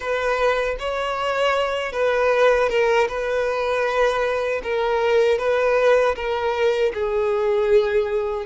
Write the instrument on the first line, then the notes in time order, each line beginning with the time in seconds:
violin
0.00 B4
0.79 C#5
1.92 B4
2.69 A#4
3.08 B4
4.63 A#4
5.38 B4
6.15 A#4
6.94 G#4